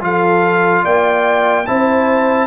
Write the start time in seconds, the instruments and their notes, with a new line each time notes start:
0.00 tuba F3, trombone F4, horn A4, trumpet F5
0.83 tuba A#3, horn D5, trumpet G5
1.66 tuba C4, trombone E4, horn C5, trumpet A5